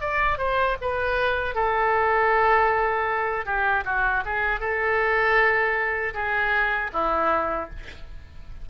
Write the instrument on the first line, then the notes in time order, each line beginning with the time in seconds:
oboe
0.00 D5
0.37 C5
0.81 B4
1.54 A4
3.45 G4
3.85 F#4
4.25 G#4
4.59 A4
6.14 G#4
6.93 E4